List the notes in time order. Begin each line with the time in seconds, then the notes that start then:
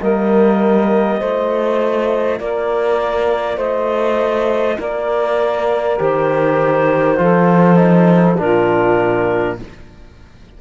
0.00 G3 A#3 A#4 D#5
1.19 A3 F4 C5
2.40 A#3 A#4 D5
3.56 A3 C5 D#5
4.79 A#3 A#4 D5
5.98 D#3 G4 C5
7.17 F3 F4 A4
7.76 D#4
8.37 A#2 D4 F4 A#4